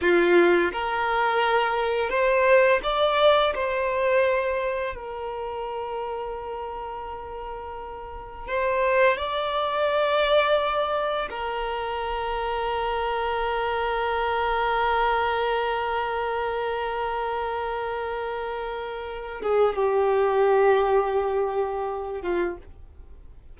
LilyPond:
\new Staff \with { instrumentName = "violin" } { \time 4/4 \tempo 4 = 85 f'4 ais'2 c''4 | d''4 c''2 ais'4~ | ais'1 | c''4 d''2. |
ais'1~ | ais'1~ | ais'2.~ ais'8 gis'8 | g'2.~ g'8 f'8 | }